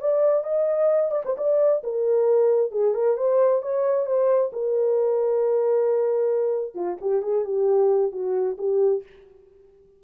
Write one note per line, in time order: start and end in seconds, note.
0.00 0.44 D5
0.44 1.11 D#5
1.11 1.22 D5
1.25 1.36 C5
1.37 1.83 D5
1.83 2.71 A#4
2.71 2.94 G#4
2.94 3.17 A#4
3.17 3.62 C5
3.62 4.06 C#5
4.06 4.51 C5
4.52 6.74 A#4
6.74 6.97 F4
7.01 7.22 G4
7.22 7.44 G#4
7.44 8.12 G4
8.12 8.57 F#4
8.58 9.03 G4